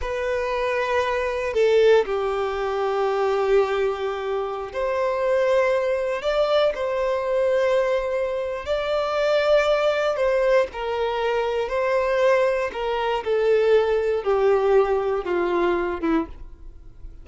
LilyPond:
\new Staff \with { instrumentName = "violin" } { \time 4/4 \tempo 4 = 118 b'2. a'4 | g'1~ | g'4~ g'16 c''2~ c''8.~ | c''16 d''4 c''2~ c''8.~ |
c''4 d''2. | c''4 ais'2 c''4~ | c''4 ais'4 a'2 | g'2 f'4. e'8 | }